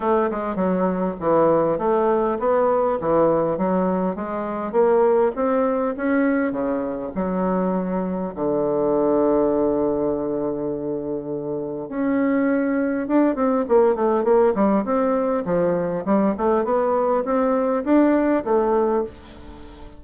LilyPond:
\new Staff \with { instrumentName = "bassoon" } { \time 4/4 \tempo 4 = 101 a8 gis8 fis4 e4 a4 | b4 e4 fis4 gis4 | ais4 c'4 cis'4 cis4 | fis2 d2~ |
d1 | cis'2 d'8 c'8 ais8 a8 | ais8 g8 c'4 f4 g8 a8 | b4 c'4 d'4 a4 | }